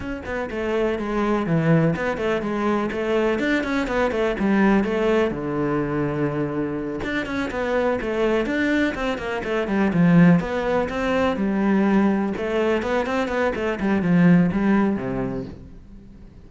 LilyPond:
\new Staff \with { instrumentName = "cello" } { \time 4/4 \tempo 4 = 124 cis'8 b8 a4 gis4 e4 | b8 a8 gis4 a4 d'8 cis'8 | b8 a8 g4 a4 d4~ | d2~ d8 d'8 cis'8 b8~ |
b8 a4 d'4 c'8 ais8 a8 | g8 f4 b4 c'4 g8~ | g4. a4 b8 c'8 b8 | a8 g8 f4 g4 c4 | }